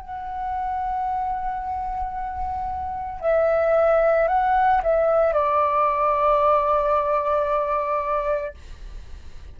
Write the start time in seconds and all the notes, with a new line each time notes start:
0.00 F#5
3.21 E5
4.28 F#5
4.83 E5
5.33 D5